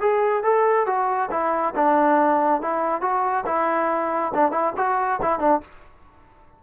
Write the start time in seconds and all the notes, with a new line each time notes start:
0.00 G#4
0.43 A4
0.86 F#4
1.30 E4
1.75 D4
2.61 E4
3.01 F#4
3.46 E4
4.34 D4
4.51 E4
4.77 F#4
5.22 E4
5.39 D4